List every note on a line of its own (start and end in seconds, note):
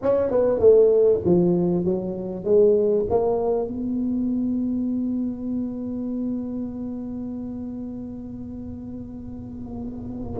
0.02 0.30 C#4
0.30 0.59 B3
0.59 1.20 A3
1.25 1.85 F3
1.85 2.44 F#3
2.44 3.05 G#3
3.09 3.67 A#3
3.67 10.40 B3